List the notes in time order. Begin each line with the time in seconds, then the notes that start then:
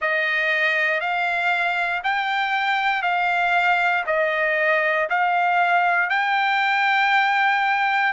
0.00 D#5
1.00 F5
2.03 G5
3.02 F5
4.06 D#5
5.09 F5
6.09 G5